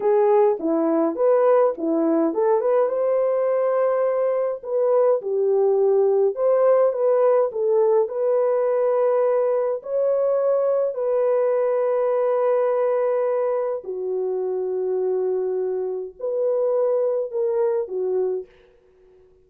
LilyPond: \new Staff \with { instrumentName = "horn" } { \time 4/4 \tempo 4 = 104 gis'4 e'4 b'4 e'4 | a'8 b'8 c''2. | b'4 g'2 c''4 | b'4 a'4 b'2~ |
b'4 cis''2 b'4~ | b'1 | fis'1 | b'2 ais'4 fis'4 | }